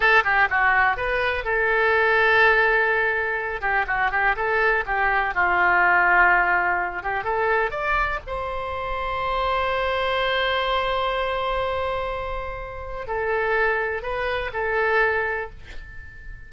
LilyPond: \new Staff \with { instrumentName = "oboe" } { \time 4/4 \tempo 4 = 124 a'8 g'8 fis'4 b'4 a'4~ | a'2.~ a'8 g'8 | fis'8 g'8 a'4 g'4 f'4~ | f'2~ f'8 g'8 a'4 |
d''4 c''2.~ | c''1~ | c''2. a'4~ | a'4 b'4 a'2 | }